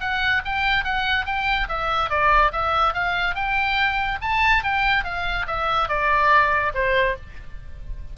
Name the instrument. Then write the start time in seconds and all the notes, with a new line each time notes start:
oboe
0.00 F#5
0.45 G5
0.84 F#5
1.25 G5
1.68 E5
2.10 D5
2.52 E5
2.93 F5
3.35 G5
4.21 A5
4.63 G5
5.04 F5
5.47 E5
5.88 D5
6.74 C5